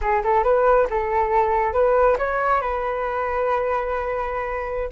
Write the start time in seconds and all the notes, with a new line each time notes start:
0.01 G#4
0.23 A4
0.43 B4
0.89 A4
1.73 B4
2.18 C#5
2.61 B4